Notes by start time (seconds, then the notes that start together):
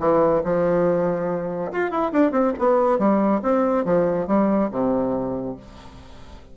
0.00 E3
0.44 F3
1.72 F4
1.91 E4
2.13 D4
2.32 C4
2.59 B3
2.99 G3
3.43 C4
3.85 F3
4.27 G3
4.72 C3